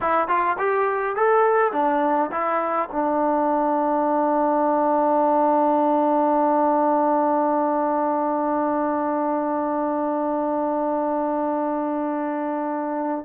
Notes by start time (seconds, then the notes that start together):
0.01 E4
0.28 F4
0.58 G4
1.16 A4
1.72 D4
2.31 E4
2.91 D4